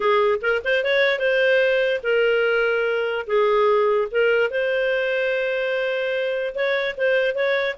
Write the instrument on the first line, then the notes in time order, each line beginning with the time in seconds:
clarinet
0.00 G#4
0.41 A#4
0.64 C5
0.83 C#5
1.19 C5
2.03 A#4
3.26 G#4
4.11 A#4
4.50 C5
6.54 C#5
6.97 C5
7.34 C#5